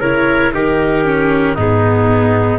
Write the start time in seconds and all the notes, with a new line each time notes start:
0.00 C#3 E4 A#4 C#5
0.53 D#3 D#4 G4 A#4
1.04 C#4
1.55 G#2 B3 D#4 G#4